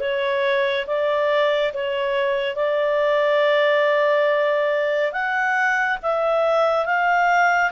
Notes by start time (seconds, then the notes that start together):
0.00 C#5
0.87 D5
1.74 C#5
2.56 D5
5.12 F#5
6.02 E5
6.86 F5